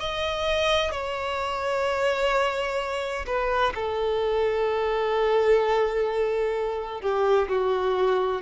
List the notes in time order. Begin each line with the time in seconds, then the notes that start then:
0.00 D#5
0.91 C#5
3.26 B4
3.75 A4
7.01 G4
7.48 F#4